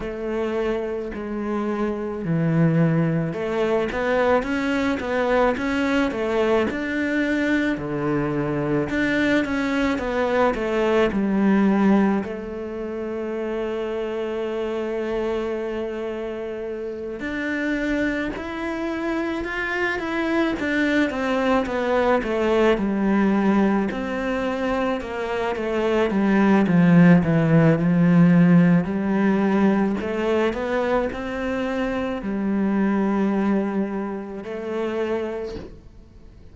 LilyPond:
\new Staff \with { instrumentName = "cello" } { \time 4/4 \tempo 4 = 54 a4 gis4 e4 a8 b8 | cis'8 b8 cis'8 a8 d'4 d4 | d'8 cis'8 b8 a8 g4 a4~ | a2.~ a8 d'8~ |
d'8 e'4 f'8 e'8 d'8 c'8 b8 | a8 g4 c'4 ais8 a8 g8 | f8 e8 f4 g4 a8 b8 | c'4 g2 a4 | }